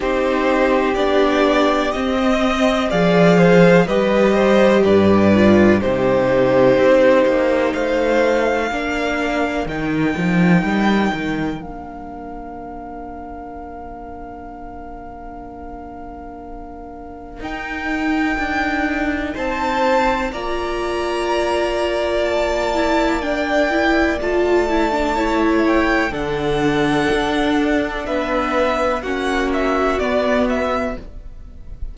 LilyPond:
<<
  \new Staff \with { instrumentName = "violin" } { \time 4/4 \tempo 4 = 62 c''4 d''4 dis''4 f''4 | dis''4 d''4 c''2 | f''2 g''2 | f''1~ |
f''2 g''2 | a''4 ais''2 a''4 | g''4 a''4. g''8 fis''4~ | fis''4 e''4 fis''8 e''8 d''8 e''8 | }
  \new Staff \with { instrumentName = "violin" } { \time 4/4 g'2~ g'16 dis''8. d''8 c''8 | b'8 c''8 b'4 g'2 | c''4 ais'2.~ | ais'1~ |
ais'1 | c''4 d''2.~ | d''2 cis''4 a'4~ | a'4 b'4 fis'2 | }
  \new Staff \with { instrumentName = "viola" } { \time 4/4 dis'4 d'4 c'4 gis'4 | g'4. f'8 dis'2~ | dis'4 d'4 dis'2 | d'1~ |
d'2 dis'2~ | dis'4 f'2~ f'8 e'8 | d'8 e'8 f'8 e'16 d'16 e'4 d'4~ | d'2 cis'4 b4 | }
  \new Staff \with { instrumentName = "cello" } { \time 4/4 c'4 b4 c'4 f4 | g4 g,4 c4 c'8 ais8 | a4 ais4 dis8 f8 g8 dis8 | ais1~ |
ais2 dis'4 d'4 | c'4 ais2.~ | ais4 a2 d4 | d'4 b4 ais4 b4 | }
>>